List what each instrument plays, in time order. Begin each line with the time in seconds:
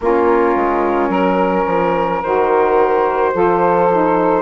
0.00 bassoon A#3, saxophone C#4 F4, flute A#4
0.55 bassoon G#3
1.09 bassoon F#3, saxophone A#4
1.65 bassoon F3
2.22 bassoon D#3, saxophone F#4, flute C5
3.33 bassoon F3, saxophone F4 A4
3.91 saxophone D#4